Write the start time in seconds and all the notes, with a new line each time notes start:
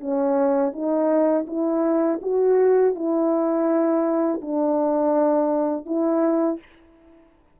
0.00 C#4
0.73 D#4
1.47 E4
2.22 F#4
2.95 E4
4.41 D4
5.85 E4